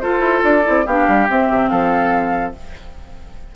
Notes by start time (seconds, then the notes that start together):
0.00 F4 A4 C5
0.19 E4
0.44 D4 D5
0.63 C4 E4
0.86 B3 D4 G4 F5
1.08 G3
1.28 C4 E5
1.50 C3
1.68 F3 A4 F5